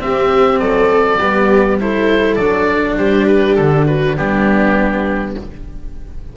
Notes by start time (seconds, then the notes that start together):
0.00 C4 G4 E5
0.59 F#3 A4 D5
1.18 G3 B3 G4
1.80 E4 A4 C5
2.36 F#3 D4 D5
2.97 G3 G4 C5
3.27 B4
3.56 D3 A4
3.87 F#4 B4
4.17 G3 B3 D4 G4